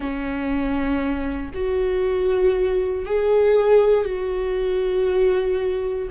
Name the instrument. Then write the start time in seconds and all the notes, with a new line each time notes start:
viola
0.00 C#4
1.53 F#4
3.05 G#4
4.04 F#4